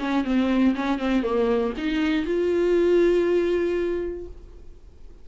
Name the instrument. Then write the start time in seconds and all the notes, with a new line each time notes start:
viola
0.00 C#4
0.25 C4
0.76 C#4
0.99 C4
1.23 A#3
1.78 D#4
2.26 F4